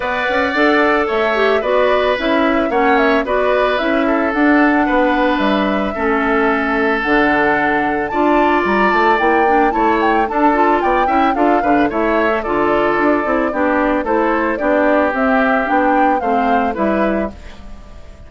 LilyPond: <<
  \new Staff \with { instrumentName = "flute" } { \time 4/4 \tempo 4 = 111 fis''2 e''4 d''4 | e''4 fis''8 e''8 d''4 e''4 | fis''2 e''2~ | e''4 fis''2 a''4 |
ais''8 a''8 g''4 a''8 g''8 a''4 | g''4 f''4 e''4 d''4~ | d''2 c''4 d''4 | e''4 g''4 f''4 e''4 | }
  \new Staff \with { instrumentName = "oboe" } { \time 4/4 d''2 cis''4 b'4~ | b'4 cis''4 b'4. a'8~ | a'4 b'2 a'4~ | a'2. d''4~ |
d''2 cis''4 a'4 | d''8 e''8 a'8 b'8 cis''4 a'4~ | a'4 g'4 a'4 g'4~ | g'2 c''4 b'4 | }
  \new Staff \with { instrumentName = "clarinet" } { \time 4/4 b'4 a'4. g'8 fis'4 | e'4 cis'4 fis'4 e'4 | d'2. cis'4~ | cis'4 d'2 f'4~ |
f'4 e'8 d'8 e'4 d'8 f'8~ | f'8 e'8 f'8 d'8 e'8. a'16 f'4~ | f'8 e'8 d'4 e'4 d'4 | c'4 d'4 c'4 e'4 | }
  \new Staff \with { instrumentName = "bassoon" } { \time 4/4 b8 cis'8 d'4 a4 b4 | cis'4 ais4 b4 cis'4 | d'4 b4 g4 a4~ | a4 d2 d'4 |
g8 a8 ais4 a4 d'4 | b8 cis'8 d'8 d8 a4 d4 | d'8 c'8 b4 a4 b4 | c'4 b4 a4 g4 | }
>>